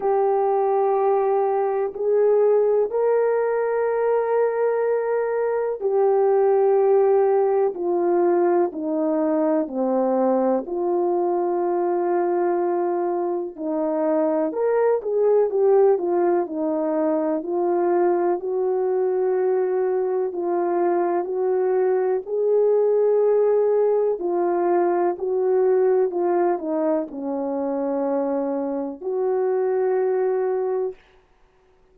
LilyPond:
\new Staff \with { instrumentName = "horn" } { \time 4/4 \tempo 4 = 62 g'2 gis'4 ais'4~ | ais'2 g'2 | f'4 dis'4 c'4 f'4~ | f'2 dis'4 ais'8 gis'8 |
g'8 f'8 dis'4 f'4 fis'4~ | fis'4 f'4 fis'4 gis'4~ | gis'4 f'4 fis'4 f'8 dis'8 | cis'2 fis'2 | }